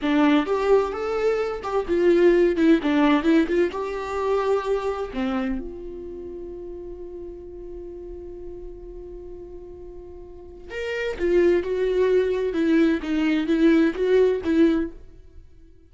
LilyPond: \new Staff \with { instrumentName = "viola" } { \time 4/4 \tempo 4 = 129 d'4 g'4 a'4. g'8 | f'4. e'8 d'4 e'8 f'8 | g'2. c'4 | f'1~ |
f'1~ | f'2. ais'4 | f'4 fis'2 e'4 | dis'4 e'4 fis'4 e'4 | }